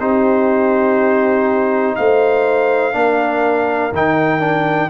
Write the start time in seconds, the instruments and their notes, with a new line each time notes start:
0.00 tuba C4, trombone D#4, horn G4, trumpet C5
1.96 tuba A3, horn C5, trumpet F5
2.92 tuba A#3, trombone D4, horn A#4
3.92 tuba D#3, trombone D#4, trumpet G5
4.40 trombone D4